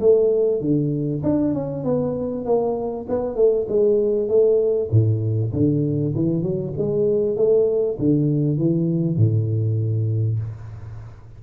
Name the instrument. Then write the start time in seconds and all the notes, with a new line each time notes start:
tuba
0.00 A3
0.61 D3
1.23 D4
1.54 C#4
1.84 B3
2.45 A#3
3.09 B3
3.36 A3
3.68 G#3
4.28 A3
4.91 A2
5.53 D3
6.15 E3
6.42 F#3
6.78 G#3
7.36 A3
7.99 D3
8.58 E3
9.17 A2